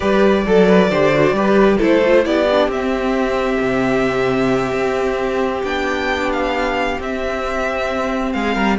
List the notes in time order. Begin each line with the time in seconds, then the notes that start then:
0.00 G3 G4 B4 D5
0.46 F#3 A4
0.68 B4
0.90 D3 G4 C5
1.14 F#4
1.32 G3 G4 B4
1.77 A3 E4 A4 C5
2.05 F4
2.23 B3 E4 G4 D5
2.51 D4
2.67 C4 E5
3.60 C3
4.72 C4
5.63 B3 D4 G5
6.32 F5
6.99 C4 E5
8.33 G#3 G#4 F5
8.54 G3 A#4